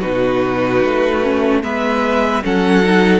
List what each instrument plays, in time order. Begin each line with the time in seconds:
0.00 cello B2, viola D#4, violin F#4 B4
0.84 cello A3
1.22 viola C#4
1.62 cello G#3, viola B3, violin B4 E5
2.42 cello F#3, viola C#4, violin A4 F#5
2.82 viola D#4